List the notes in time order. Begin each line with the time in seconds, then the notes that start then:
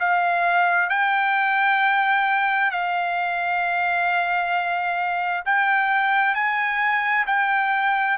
0.00 F5
0.90 G5
2.71 F5
5.46 G5
6.35 G#5
7.27 G5